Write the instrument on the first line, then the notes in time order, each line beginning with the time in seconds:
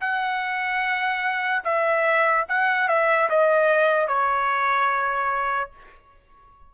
trumpet
0.00 F#5
1.64 E5
2.48 F#5
2.88 E5
3.29 D#5
4.08 C#5